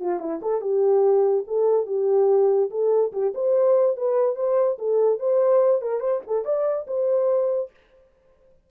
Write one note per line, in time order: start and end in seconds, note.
0.00 0.20 F4
0.20 0.40 E4
0.42 0.61 A4
0.61 1.45 G4
1.47 1.87 A4
1.87 2.70 G4
2.70 3.12 A4
3.12 3.33 G4
3.34 3.97 C5
3.97 4.36 B4
4.36 4.77 C5
4.78 5.19 A4
5.19 5.81 C5
5.81 6.00 A#4
6.00 6.21 C5
6.27 6.45 A4
6.45 6.86 D5
6.87 7.70 C5